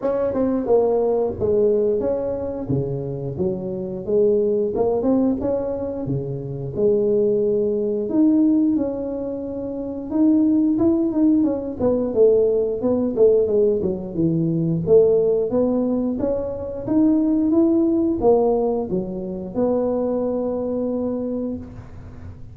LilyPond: \new Staff \with { instrumentName = "tuba" } { \time 4/4 \tempo 4 = 89 cis'8 c'8 ais4 gis4 cis'4 | cis4 fis4 gis4 ais8 c'8 | cis'4 cis4 gis2 | dis'4 cis'2 dis'4 |
e'8 dis'8 cis'8 b8 a4 b8 a8 | gis8 fis8 e4 a4 b4 | cis'4 dis'4 e'4 ais4 | fis4 b2. | }